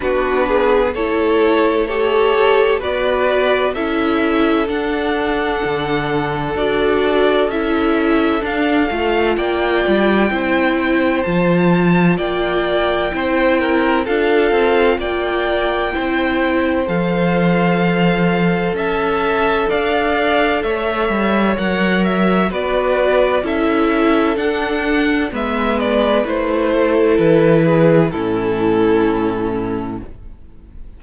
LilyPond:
<<
  \new Staff \with { instrumentName = "violin" } { \time 4/4 \tempo 4 = 64 b'4 cis''4 a'4 d''4 | e''4 fis''2 d''4 | e''4 f''4 g''2 | a''4 g''2 f''4 |
g''2 f''2 | a''4 f''4 e''4 fis''8 e''8 | d''4 e''4 fis''4 e''8 d''8 | c''4 b'4 a'2 | }
  \new Staff \with { instrumentName = "violin" } { \time 4/4 fis'8 gis'8 a'4 cis''4 b'4 | a'1~ | a'2 d''4 c''4~ | c''4 d''4 c''8 ais'8 a'4 |
d''4 c''2. | e''4 d''4 cis''2 | b'4 a'2 b'4~ | b'8 a'4 gis'8 e'2 | }
  \new Staff \with { instrumentName = "viola" } { \time 4/4 d'4 e'4 g'4 fis'4 | e'4 d'2 fis'4 | e'4 d'8 f'4. e'4 | f'2 e'4 f'4~ |
f'4 e'4 a'2~ | a'2. ais'4 | fis'4 e'4 d'4 b4 | e'2 cis'2 | }
  \new Staff \with { instrumentName = "cello" } { \time 4/4 b4 a2 b4 | cis'4 d'4 d4 d'4 | cis'4 d'8 a8 ais8 g8 c'4 | f4 ais4 c'4 d'8 c'8 |
ais4 c'4 f2 | cis'4 d'4 a8 g8 fis4 | b4 cis'4 d'4 gis4 | a4 e4 a,2 | }
>>